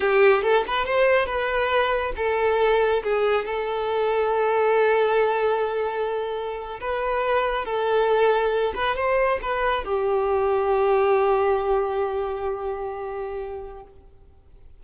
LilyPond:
\new Staff \with { instrumentName = "violin" } { \time 4/4 \tempo 4 = 139 g'4 a'8 b'8 c''4 b'4~ | b'4 a'2 gis'4 | a'1~ | a'2.~ a'8. b'16~ |
b'4.~ b'16 a'2~ a'16~ | a'16 b'8 c''4 b'4 g'4~ g'16~ | g'1~ | g'1 | }